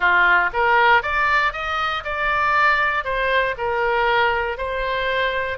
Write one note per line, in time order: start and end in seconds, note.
0.00 0.50 F4
0.53 1.02 A#4
1.02 1.53 D5
1.53 2.03 D#5
2.04 3.04 D5
3.04 3.55 C5
3.57 4.57 A#4
4.57 5.58 C5